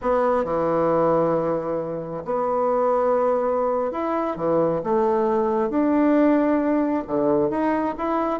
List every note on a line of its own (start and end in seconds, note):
0.01 0.44 B3
0.44 2.23 E3
2.24 3.91 B3
3.91 4.36 E4
4.36 4.81 E3
4.83 5.69 A3
5.69 7.03 D4
7.07 7.50 D3
7.50 7.95 D#4
7.97 8.40 E4